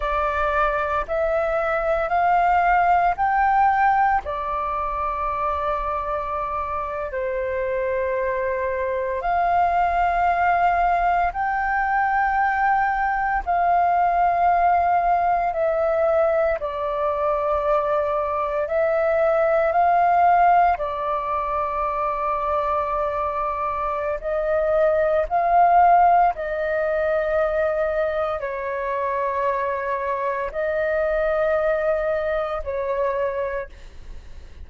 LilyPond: \new Staff \with { instrumentName = "flute" } { \time 4/4 \tempo 4 = 57 d''4 e''4 f''4 g''4 | d''2~ d''8. c''4~ c''16~ | c''8. f''2 g''4~ g''16~ | g''8. f''2 e''4 d''16~ |
d''4.~ d''16 e''4 f''4 d''16~ | d''2. dis''4 | f''4 dis''2 cis''4~ | cis''4 dis''2 cis''4 | }